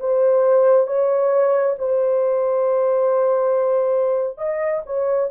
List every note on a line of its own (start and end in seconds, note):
0.00 0.87 C5
0.87 1.76 C#5
1.79 4.38 C5
4.38 4.82 D#5
4.86 5.30 C#5